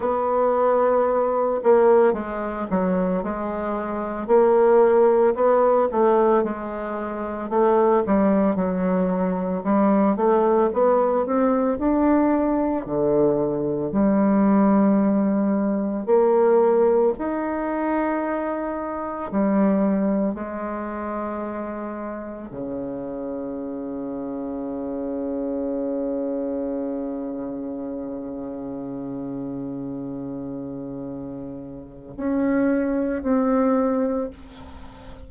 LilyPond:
\new Staff \with { instrumentName = "bassoon" } { \time 4/4 \tempo 4 = 56 b4. ais8 gis8 fis8 gis4 | ais4 b8 a8 gis4 a8 g8 | fis4 g8 a8 b8 c'8 d'4 | d4 g2 ais4 |
dis'2 g4 gis4~ | gis4 cis2.~ | cis1~ | cis2 cis'4 c'4 | }